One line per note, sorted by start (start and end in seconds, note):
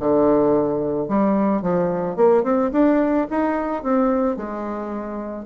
0.00 1.08 D3
1.08 1.62 G3
1.62 2.16 F3
2.16 2.44 A#3
2.44 2.71 C4
2.72 3.28 D4
3.30 3.83 D#4
3.83 4.37 C4
4.37 5.46 G#3